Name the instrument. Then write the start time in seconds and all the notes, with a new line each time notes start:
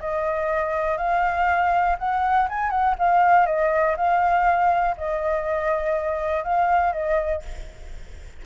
flute
0.00 D#5
0.98 F5
1.99 F#5
2.49 G#5
2.71 F#5
2.99 F5
3.47 D#5
3.97 F5
4.98 D#5
6.44 F5
6.93 D#5